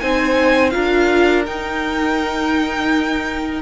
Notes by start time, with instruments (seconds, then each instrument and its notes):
0.00 cello C4, viola D#4, violin C5 G#5
0.70 cello D4, viola F4, violin A#4 F5
1.46 viola D#4, cello D#4, violin G5